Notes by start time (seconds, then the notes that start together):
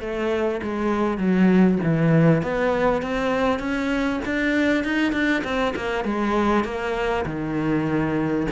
0.00 A3
0.63 G#3
1.18 F#3
1.83 E3
2.42 B3
3.02 C4
3.59 C#4
4.25 D4
4.84 D#4
5.12 D4
5.44 C4
5.76 A#3
6.04 G#3
6.64 A#3
7.25 D#3